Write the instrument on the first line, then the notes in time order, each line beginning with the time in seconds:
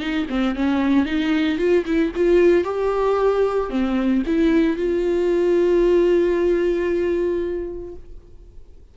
viola
0.00 D#4
0.30 C4
0.56 C#4
1.05 D#4
1.58 F4
1.85 E4
2.15 F4
2.65 G4
3.70 C4
4.26 E4
4.77 F4